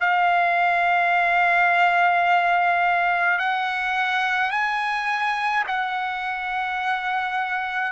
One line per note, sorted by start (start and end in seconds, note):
0.00 3.38 F5
3.38 4.50 F#5
4.50 5.63 G#5
5.67 7.91 F#5